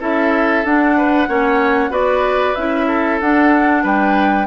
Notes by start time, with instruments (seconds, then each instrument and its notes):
0.00 bassoon C#4, clarinet E4, oboe A4, flute E5
0.64 bassoon D4, clarinet D4, flute F#5
0.97 oboe B4
1.28 bassoon A#3, clarinet C#4, oboe C#5
1.90 bassoon B3, clarinet F#4, oboe B4, flute D5
2.55 bassoon C#4, clarinet E4, flute E5
2.87 oboe A4
3.20 bassoon D4, clarinet D4, flute F#5
3.83 bassoon G3, oboe B4, flute G5